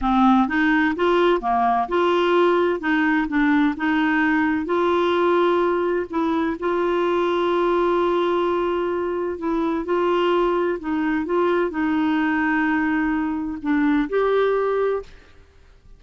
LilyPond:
\new Staff \with { instrumentName = "clarinet" } { \time 4/4 \tempo 4 = 128 c'4 dis'4 f'4 ais4 | f'2 dis'4 d'4 | dis'2 f'2~ | f'4 e'4 f'2~ |
f'1 | e'4 f'2 dis'4 | f'4 dis'2.~ | dis'4 d'4 g'2 | }